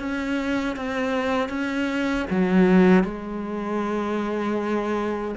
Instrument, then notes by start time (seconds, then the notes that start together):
cello
0.00 C#4
0.77 C4
1.50 C#4
2.30 F#3
3.05 G#3